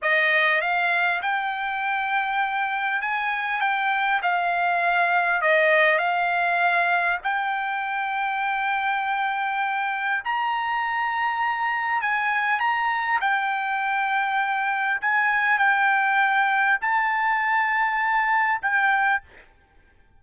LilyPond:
\new Staff \with { instrumentName = "trumpet" } { \time 4/4 \tempo 4 = 100 dis''4 f''4 g''2~ | g''4 gis''4 g''4 f''4~ | f''4 dis''4 f''2 | g''1~ |
g''4 ais''2. | gis''4 ais''4 g''2~ | g''4 gis''4 g''2 | a''2. g''4 | }